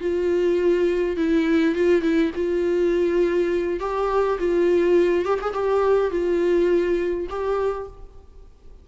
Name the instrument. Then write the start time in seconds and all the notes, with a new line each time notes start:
viola
0.00 F4
1.17 E4
1.74 F4
2.02 E4
2.35 F4
3.79 G4
4.38 F4
5.25 G4
5.41 G#4
5.53 G4
6.11 F4
7.29 G4